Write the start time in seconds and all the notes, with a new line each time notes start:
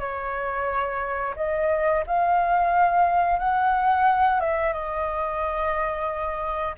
0.00 C#5
1.37 D#5
2.07 F5
3.39 F#5
4.41 E5
4.73 D#5